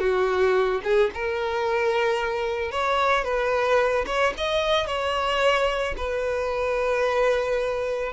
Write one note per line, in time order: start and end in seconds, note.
0.00 0.81 F#4
0.84 1.11 G#4
1.14 2.71 A#4
2.71 3.24 C#5
3.24 4.05 B4
4.06 4.33 C#5
4.37 4.87 D#5
4.87 5.95 C#5
5.97 8.13 B4